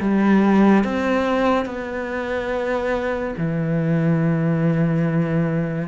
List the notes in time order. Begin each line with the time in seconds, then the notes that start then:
0.00 G3
0.84 C4
1.66 B3
3.37 E3